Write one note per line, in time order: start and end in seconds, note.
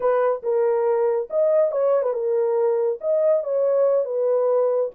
0.00 0.42 B4
0.42 1.28 A#4
1.30 1.71 D#5
1.71 2.02 C#5
2.02 2.13 B4
2.13 2.98 A#4
3.00 3.43 D#5
3.43 4.05 C#5
4.05 4.90 B4